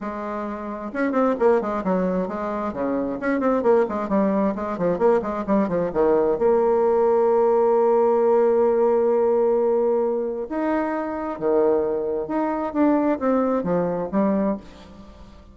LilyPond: \new Staff \with { instrumentName = "bassoon" } { \time 4/4 \tempo 4 = 132 gis2 cis'8 c'8 ais8 gis8 | fis4 gis4 cis4 cis'8 c'8 | ais8 gis8 g4 gis8 f8 ais8 gis8 | g8 f8 dis4 ais2~ |
ais1~ | ais2. dis'4~ | dis'4 dis2 dis'4 | d'4 c'4 f4 g4 | }